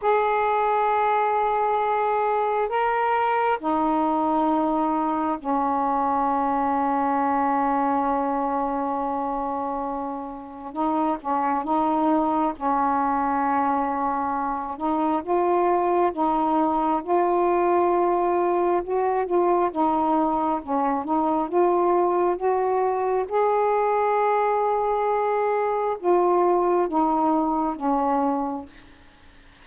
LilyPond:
\new Staff \with { instrumentName = "saxophone" } { \time 4/4 \tempo 4 = 67 gis'2. ais'4 | dis'2 cis'2~ | cis'1 | dis'8 cis'8 dis'4 cis'2~ |
cis'8 dis'8 f'4 dis'4 f'4~ | f'4 fis'8 f'8 dis'4 cis'8 dis'8 | f'4 fis'4 gis'2~ | gis'4 f'4 dis'4 cis'4 | }